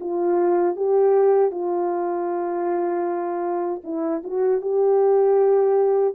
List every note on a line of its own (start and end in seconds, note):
0.00 0.76 F4
0.76 1.51 G4
1.51 3.82 F4
3.84 4.22 E4
4.24 4.62 F#4
4.62 6.15 G4